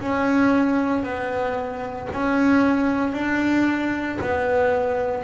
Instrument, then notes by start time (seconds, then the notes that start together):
double bass
0.00 C#4
1.03 B3
2.12 C#4
3.13 D4
4.21 B3